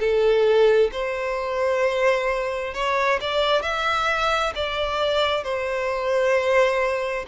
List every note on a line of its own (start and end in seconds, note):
0.00 0.91 A4
0.93 2.74 C5
2.74 3.20 C#5
3.21 3.62 D5
3.62 4.53 E5
4.56 5.44 D5
5.44 7.26 C5